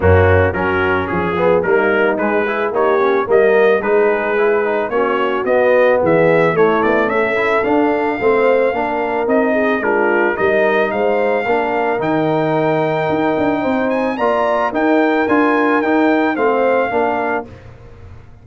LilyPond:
<<
  \new Staff \with { instrumentName = "trumpet" } { \time 4/4 \tempo 4 = 110 fis'4 ais'4 gis'4 ais'4 | b'4 cis''4 dis''4 b'4~ | b'4 cis''4 dis''4 e''4 | cis''8 d''8 e''4 f''2~ |
f''4 dis''4 ais'4 dis''4 | f''2 g''2~ | g''4. gis''8 ais''4 g''4 | gis''4 g''4 f''2 | }
  \new Staff \with { instrumentName = "horn" } { \time 4/4 cis'4 fis'4 gis'4 dis'4~ | dis'8 gis'8 g'4 ais'4 gis'4~ | gis'4 fis'2 gis'4 | e'4 a'2 c''4 |
ais'4. gis'8 f'4 ais'4 | c''4 ais'2.~ | ais'4 c''4 d''4 ais'4~ | ais'2 c''4 ais'4 | }
  \new Staff \with { instrumentName = "trombone" } { \time 4/4 ais4 cis'4. b8 ais4 | gis8 e'8 dis'8 cis'8 ais4 dis'4 | e'8 dis'8 cis'4 b2 | a4. e'8 d'4 c'4 |
d'4 dis'4 d'4 dis'4~ | dis'4 d'4 dis'2~ | dis'2 f'4 dis'4 | f'4 dis'4 c'4 d'4 | }
  \new Staff \with { instrumentName = "tuba" } { \time 4/4 fis,4 fis4 f4 g4 | gis4 ais4 g4 gis4~ | gis4 ais4 b4 e4 | a8 b8 cis'4 d'4 a4 |
ais4 c'4 gis4 g4 | gis4 ais4 dis2 | dis'8 d'8 c'4 ais4 dis'4 | d'4 dis'4 a4 ais4 | }
>>